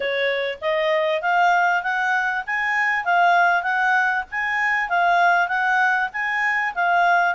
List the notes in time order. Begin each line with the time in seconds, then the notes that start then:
0.00 C#5
0.61 D#5
1.21 F5
1.82 F#5
2.46 G#5
3.04 F5
3.63 F#5
4.31 G#5
4.89 F5
5.48 F#5
6.12 G#5
6.75 F5